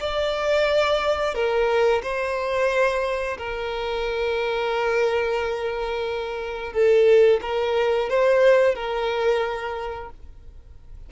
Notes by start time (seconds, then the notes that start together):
0.00 D5
1.35 A#4
2.03 C5
3.38 A#4
6.73 A4
7.42 A#4
8.10 C5
8.75 A#4